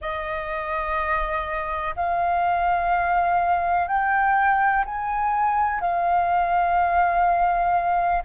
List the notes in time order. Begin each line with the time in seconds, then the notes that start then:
0.01 D#5
1.96 F5
3.87 G5
4.85 G#5
5.80 F5